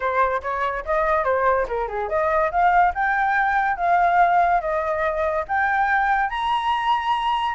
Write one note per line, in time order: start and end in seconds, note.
0.00 0.41 C5
0.42 0.84 C#5
0.85 1.24 D#5
1.24 1.66 C5
1.68 1.88 A#4
1.88 2.08 G#4
2.08 2.50 D#5
2.51 2.93 F5
2.94 3.76 G5
3.76 4.60 F5
4.60 5.44 D#5
5.48 6.29 G5
6.29 7.54 A#5